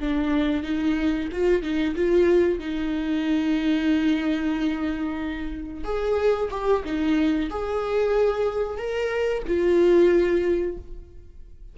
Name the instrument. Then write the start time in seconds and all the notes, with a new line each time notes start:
viola
0.00 D4
0.63 D#4
1.32 F4
1.62 D#4
1.95 F4
2.59 D#4
5.84 G#4
6.51 G4
6.84 D#4
7.50 G#4
8.78 A#4
9.47 F4